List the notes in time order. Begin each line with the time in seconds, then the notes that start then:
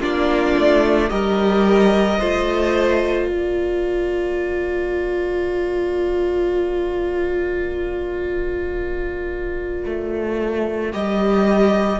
0.00 A#3 D4 F4 D5
0.57 A3
1.09 G3 G4 A#4 D#5
2.19 A3 F4 C5
3.28 A#3 A#4 D5
9.85 A3
10.92 G3 G4 D#5